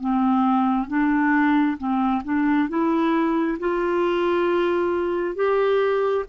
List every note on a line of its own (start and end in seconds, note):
0.00 0.88 C4
0.88 1.77 D4
1.78 2.23 C4
2.24 2.69 D4
2.69 3.58 E4
3.59 5.35 F4
5.35 6.25 G4